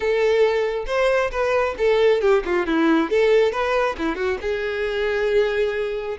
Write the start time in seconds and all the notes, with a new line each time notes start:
0.00 A4
0.86 C5
1.31 B4
1.78 A4
2.21 G4
2.45 F4
2.66 E4
3.10 A4
3.52 B4
3.98 E4
4.15 F#4
4.41 G#4